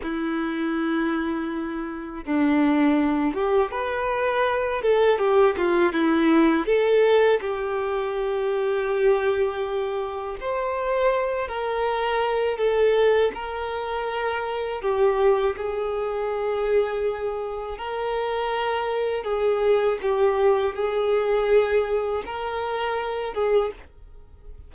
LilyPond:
\new Staff \with { instrumentName = "violin" } { \time 4/4 \tempo 4 = 81 e'2. d'4~ | d'8 g'8 b'4. a'8 g'8 f'8 | e'4 a'4 g'2~ | g'2 c''4. ais'8~ |
ais'4 a'4 ais'2 | g'4 gis'2. | ais'2 gis'4 g'4 | gis'2 ais'4. gis'8 | }